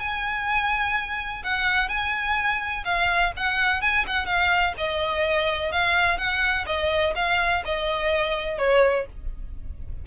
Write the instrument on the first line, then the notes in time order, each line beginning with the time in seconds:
violin
0.00 G#5
1.44 F#5
1.89 G#5
2.85 F5
3.37 F#5
3.81 G#5
4.07 F#5
4.26 F5
4.77 D#5
5.72 F5
6.18 F#5
6.66 D#5
7.15 F5
7.65 D#5
8.58 C#5